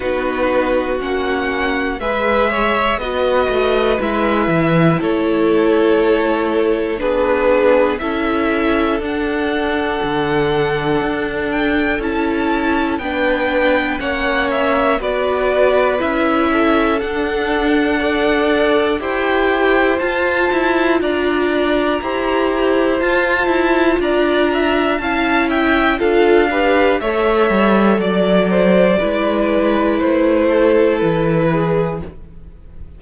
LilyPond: <<
  \new Staff \with { instrumentName = "violin" } { \time 4/4 \tempo 4 = 60 b'4 fis''4 e''4 dis''4 | e''4 cis''2 b'4 | e''4 fis''2~ fis''8 g''8 | a''4 g''4 fis''8 e''8 d''4 |
e''4 fis''2 g''4 | a''4 ais''2 a''4 | ais''4 a''8 g''8 f''4 e''4 | d''2 c''4 b'4 | }
  \new Staff \with { instrumentName = "violin" } { \time 4/4 fis'2 b'8 cis''8 b'4~ | b'4 a'2 gis'4 | a'1~ | a'4 b'4 cis''4 b'4~ |
b'8 a'4. d''4 c''4~ | c''4 d''4 c''2 | d''8 e''8 f''8 e''8 a'8 b'8 cis''4 | d''8 c''8 b'4. a'4 gis'8 | }
  \new Staff \with { instrumentName = "viola" } { \time 4/4 dis'4 cis'4 gis'4 fis'4 | e'2. d'4 | e'4 d'2. | e'4 d'4 cis'4 fis'4 |
e'4 d'4 a'4 g'4 | f'2 g'4 f'4~ | f'4 e'4 f'8 g'8 a'4~ | a'4 e'2. | }
  \new Staff \with { instrumentName = "cello" } { \time 4/4 b4 ais4 gis4 b8 a8 | gis8 e8 a2 b4 | cis'4 d'4 d4 d'4 | cis'4 b4 ais4 b4 |
cis'4 d'2 e'4 | f'8 e'8 d'4 e'4 f'8 e'8 | d'4 cis'4 d'4 a8 g8 | fis4 gis4 a4 e4 | }
>>